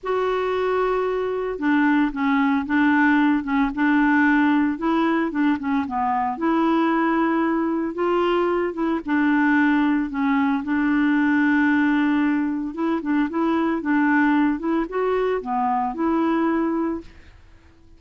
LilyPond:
\new Staff \with { instrumentName = "clarinet" } { \time 4/4 \tempo 4 = 113 fis'2. d'4 | cis'4 d'4. cis'8 d'4~ | d'4 e'4 d'8 cis'8 b4 | e'2. f'4~ |
f'8 e'8 d'2 cis'4 | d'1 | e'8 d'8 e'4 d'4. e'8 | fis'4 b4 e'2 | }